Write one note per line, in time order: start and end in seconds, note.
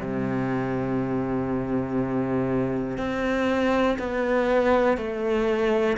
0.00 2.98 C3
2.98 3.98 C4
3.99 4.97 B3
4.97 5.97 A3